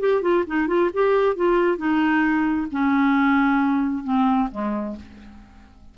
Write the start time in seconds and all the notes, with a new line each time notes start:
0.00 G4
0.22 F4
0.47 D#4
0.68 F4
0.94 G4
1.36 F4
1.78 D#4
2.72 C#4
4.04 C4
4.52 G#3